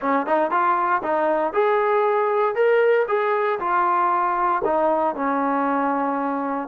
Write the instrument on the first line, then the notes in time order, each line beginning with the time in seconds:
trombone
0.01 C#4
0.26 D#4
0.50 F4
1.02 D#4
1.53 G#4
2.55 A#4
3.08 G#4
3.59 F4
4.64 D#4
5.15 C#4